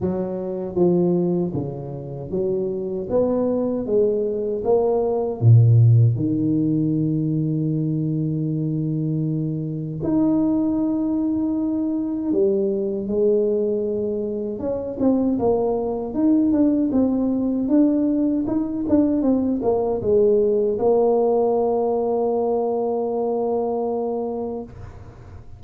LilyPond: \new Staff \with { instrumentName = "tuba" } { \time 4/4 \tempo 4 = 78 fis4 f4 cis4 fis4 | b4 gis4 ais4 ais,4 | dis1~ | dis4 dis'2. |
g4 gis2 cis'8 c'8 | ais4 dis'8 d'8 c'4 d'4 | dis'8 d'8 c'8 ais8 gis4 ais4~ | ais1 | }